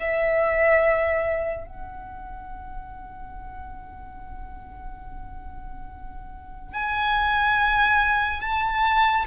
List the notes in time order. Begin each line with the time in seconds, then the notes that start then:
0.00 E5
1.67 F#5
6.74 G#5
8.42 A5